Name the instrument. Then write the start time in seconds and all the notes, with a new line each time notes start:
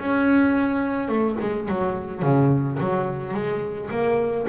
double bass
0.00 C#4
1.09 A3
1.41 G#3
1.69 F#3
2.23 C#3
2.80 F#3
3.34 G#3
3.91 A#3